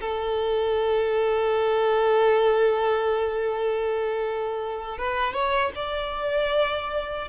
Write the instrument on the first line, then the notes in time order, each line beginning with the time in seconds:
violin
0.00 A4
4.98 B4
5.33 C#5
5.75 D5